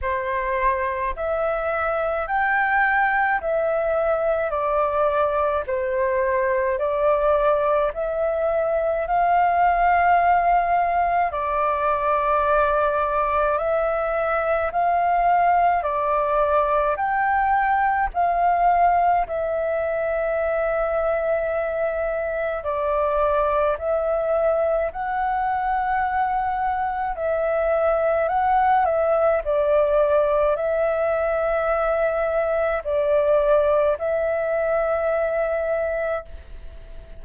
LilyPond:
\new Staff \with { instrumentName = "flute" } { \time 4/4 \tempo 4 = 53 c''4 e''4 g''4 e''4 | d''4 c''4 d''4 e''4 | f''2 d''2 | e''4 f''4 d''4 g''4 |
f''4 e''2. | d''4 e''4 fis''2 | e''4 fis''8 e''8 d''4 e''4~ | e''4 d''4 e''2 | }